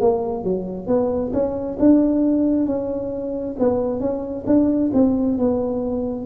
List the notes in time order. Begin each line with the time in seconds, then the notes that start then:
0.00 A#3
0.44 F#3
0.87 B3
1.33 C#4
1.79 D4
2.66 C#4
3.59 B3
4.00 C#4
4.47 D4
4.93 C4
5.38 B3